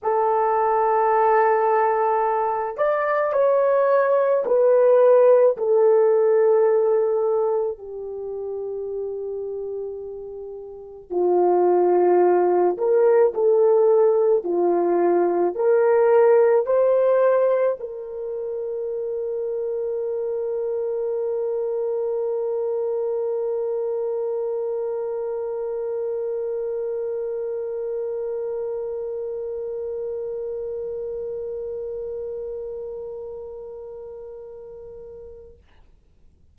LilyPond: \new Staff \with { instrumentName = "horn" } { \time 4/4 \tempo 4 = 54 a'2~ a'8 d''8 cis''4 | b'4 a'2 g'4~ | g'2 f'4. ais'8 | a'4 f'4 ais'4 c''4 |
ais'1~ | ais'1~ | ais'1~ | ais'1 | }